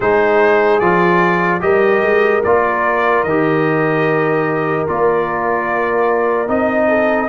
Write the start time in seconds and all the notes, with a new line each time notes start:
0.00 G#3 D#4 G#4 C5
0.79 F3 F4 D5
1.60 G3 G4 A#4 D#5
2.03 G#3
2.43 A#3 F4 D5
3.23 D#3 G4 D#5
4.87 A#3 F4 D5
6.47 C4 D#4 D#5
6.88 A4